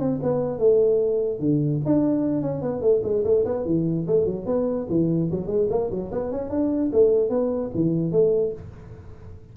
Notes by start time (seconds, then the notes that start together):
0.00 C4
0.23 B3
0.59 A3
1.40 D3
1.86 D4
2.42 C#4
2.62 B3
2.82 A3
3.04 G#3
3.25 A3
3.45 B3
3.66 E3
4.07 A3
4.26 F#3
4.47 B3
4.90 E3
5.32 F#3
5.48 G#3
5.71 A#3
5.91 F#3
6.12 B3
6.32 C#4
6.50 D4
6.93 A3
7.30 B3
7.75 E3
8.12 A3